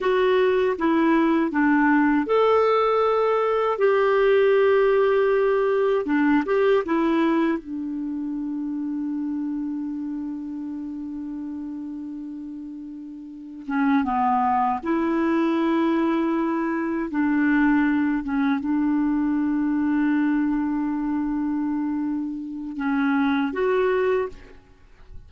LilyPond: \new Staff \with { instrumentName = "clarinet" } { \time 4/4 \tempo 4 = 79 fis'4 e'4 d'4 a'4~ | a'4 g'2. | d'8 g'8 e'4 d'2~ | d'1~ |
d'2 cis'8 b4 e'8~ | e'2~ e'8 d'4. | cis'8 d'2.~ d'8~ | d'2 cis'4 fis'4 | }